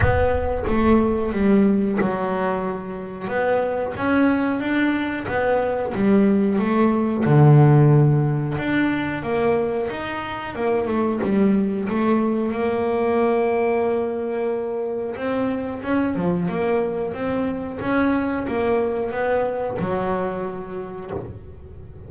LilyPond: \new Staff \with { instrumentName = "double bass" } { \time 4/4 \tempo 4 = 91 b4 a4 g4 fis4~ | fis4 b4 cis'4 d'4 | b4 g4 a4 d4~ | d4 d'4 ais4 dis'4 |
ais8 a8 g4 a4 ais4~ | ais2. c'4 | cis'8 f8 ais4 c'4 cis'4 | ais4 b4 fis2 | }